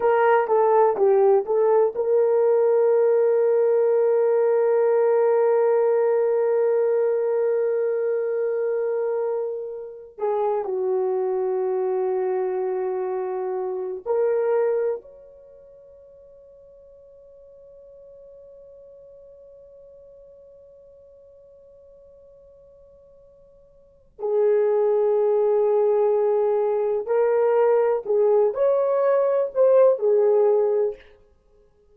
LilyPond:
\new Staff \with { instrumentName = "horn" } { \time 4/4 \tempo 4 = 62 ais'8 a'8 g'8 a'8 ais'2~ | ais'1~ | ais'2~ ais'8 gis'8 fis'4~ | fis'2~ fis'8 ais'4 cis''8~ |
cis''1~ | cis''1~ | cis''4 gis'2. | ais'4 gis'8 cis''4 c''8 gis'4 | }